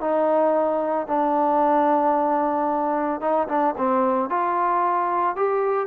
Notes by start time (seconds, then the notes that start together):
0.00 D#4
1.07 D4
3.20 D#4
3.48 D4
3.77 C4
4.29 F4
5.36 G4